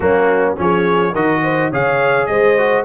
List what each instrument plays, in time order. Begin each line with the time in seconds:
0.00 tuba F#3, trombone A#3, horn C#4, trumpet F#4
0.56 tuba F3, trombone C#4, horn G#4, trumpet C#5
1.12 tuba D#3, trombone F#4, horn A#4, trumpet D#5
1.43 horn C5
1.70 tuba C#3, trombone G#4, horn C#5, trumpet F5
2.26 tuba G#3, horn C5, trumpet D#5
2.57 trombone F#4